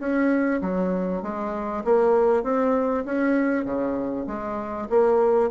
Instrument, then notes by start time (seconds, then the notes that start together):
bassoon
0.00 C#4
0.62 F#3
1.23 G#3
1.85 A#3
2.44 C4
3.06 C#4
3.65 C#3
4.27 G#3
4.90 A#3